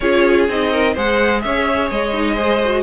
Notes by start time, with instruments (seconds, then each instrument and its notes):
0.00 cello C#4, viola F4, violin G#4 C#5
0.48 cello C4, viola D#4, violin D#5
0.72 violin A#4
0.93 cello G#3, viola G#4, violin C5 F#5
1.41 cello C#4, violin C#5 E5
1.90 cello G#3, violin D#5
2.13 viola D#4
2.35 viola G#4, violin C5
2.63 viola F#4